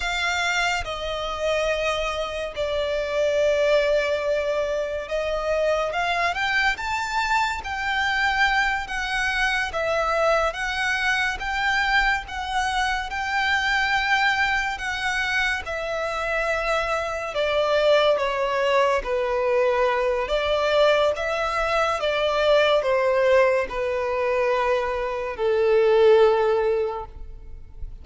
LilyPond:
\new Staff \with { instrumentName = "violin" } { \time 4/4 \tempo 4 = 71 f''4 dis''2 d''4~ | d''2 dis''4 f''8 g''8 | a''4 g''4. fis''4 e''8~ | e''8 fis''4 g''4 fis''4 g''8~ |
g''4. fis''4 e''4.~ | e''8 d''4 cis''4 b'4. | d''4 e''4 d''4 c''4 | b'2 a'2 | }